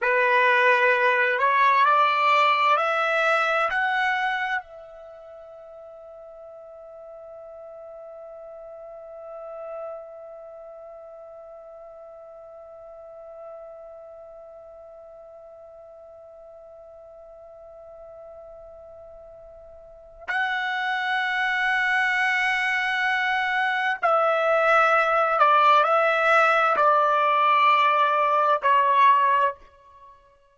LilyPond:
\new Staff \with { instrumentName = "trumpet" } { \time 4/4 \tempo 4 = 65 b'4. cis''8 d''4 e''4 | fis''4 e''2.~ | e''1~ | e''1~ |
e''1~ | e''2 fis''2~ | fis''2 e''4. d''8 | e''4 d''2 cis''4 | }